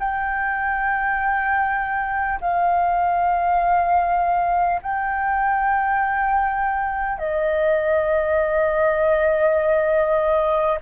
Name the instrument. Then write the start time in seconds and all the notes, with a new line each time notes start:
flute
0.00 G5
2.41 F5
4.82 G5
7.18 D#5